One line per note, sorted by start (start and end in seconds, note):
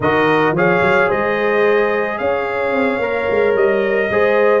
0.00 0.51 D#3
0.00 0.56 F#4
0.00 0.55 A#4
0.00 0.56 D#5
0.51 0.79 F3
0.51 3.01 G#4
0.51 1.08 C#5
0.51 1.10 F5
0.81 1.08 F#3
1.08 2.20 G#3
1.08 2.17 C5
1.08 2.18 D#5
2.18 2.72 C#4
2.18 4.09 C#5
2.18 3.54 F5
2.72 2.98 C4
2.98 3.26 A#3
2.98 4.11 A#4
3.30 3.55 G#3
3.55 4.09 G3
3.55 4.60 D#5
4.10 4.60 G#3
4.10 4.60 G#4
4.10 4.60 C5